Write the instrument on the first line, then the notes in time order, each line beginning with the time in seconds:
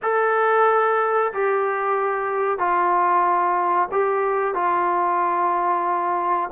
trombone
0.02 A4
1.33 G4
2.58 F4
3.91 G4
4.54 F4